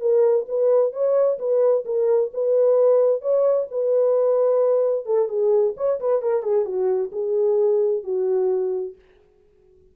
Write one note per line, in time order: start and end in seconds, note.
0.00 0.46 A#4
0.48 0.92 B4
0.92 1.38 C#5
1.39 1.84 B4
1.85 2.31 A#4
2.33 3.21 B4
3.21 3.67 C#5
3.71 5.05 B4
5.05 5.28 A4
5.28 5.74 G#4
5.76 5.99 C#5
6.00 6.22 B4
6.22 6.42 A#4
6.42 6.65 G#4
6.65 7.11 F#4
7.12 8.03 G#4
8.03 8.95 F#4